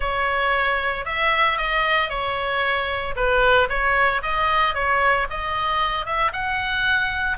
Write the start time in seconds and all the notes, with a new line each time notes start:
0.00 C#5
1.05 E5
1.57 D#5
2.09 C#5
3.16 B4
3.69 C#5
4.22 D#5
4.74 C#5
5.30 D#5
6.05 E5
6.33 F#5